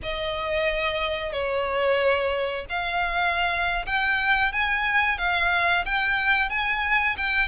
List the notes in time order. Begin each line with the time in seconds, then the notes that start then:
0.02 D#5
1.32 C#5
2.68 F5
3.86 G5
4.52 G#5
5.18 F5
5.85 G5
6.49 G#5
7.17 G5